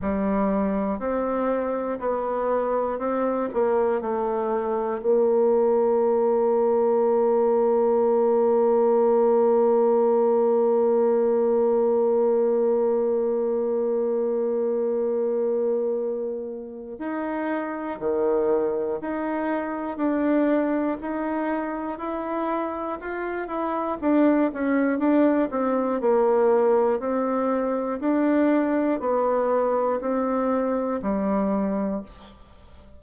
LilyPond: \new Staff \with { instrumentName = "bassoon" } { \time 4/4 \tempo 4 = 60 g4 c'4 b4 c'8 ais8 | a4 ais2.~ | ais1~ | ais1~ |
ais4 dis'4 dis4 dis'4 | d'4 dis'4 e'4 f'8 e'8 | d'8 cis'8 d'8 c'8 ais4 c'4 | d'4 b4 c'4 g4 | }